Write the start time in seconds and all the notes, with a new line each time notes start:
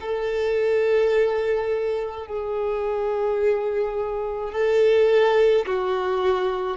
0.00 A4
2.26 G#4
4.52 A4
5.66 F#4